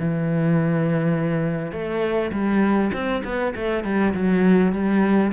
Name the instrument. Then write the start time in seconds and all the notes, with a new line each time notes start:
cello
0.00 E3
1.73 A3
2.32 G3
2.94 C4
3.25 B3
3.56 A3
3.85 G3
4.14 F#3
4.73 G3